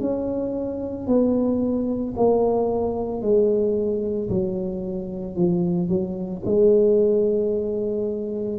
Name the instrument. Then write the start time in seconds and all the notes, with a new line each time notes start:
tuba
0.00 C#4
1.07 B3
2.16 A#3
3.21 G#3
4.29 F#3
5.35 F3
5.88 F#3
6.45 G#3